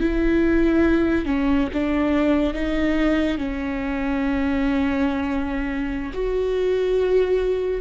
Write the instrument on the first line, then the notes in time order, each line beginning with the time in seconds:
viola
0.00 E4
1.26 C#4
1.73 D4
2.54 D#4
3.38 C#4
6.13 F#4